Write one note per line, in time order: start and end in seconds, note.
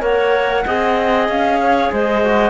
0.00 0.64 A#3
0.00 0.62 A#4
0.00 0.64 C#5
0.00 1.28 F#5
0.65 1.28 C4
0.65 2.23 G#4
0.65 1.58 D#5
1.28 1.91 C#4
1.28 1.91 F5
1.62 1.92 C#5
1.92 2.49 G#3
1.92 2.49 C5
1.92 2.49 D#5
2.23 2.49 F#4